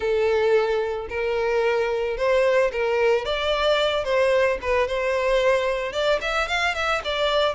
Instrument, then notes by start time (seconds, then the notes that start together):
violin
0.00 A4
1.09 A#4
2.17 C5
2.72 A#4
3.25 D5
4.04 C5
4.61 B4
4.87 C5
5.92 D5
6.21 E5
6.47 F5
6.74 E5
7.04 D5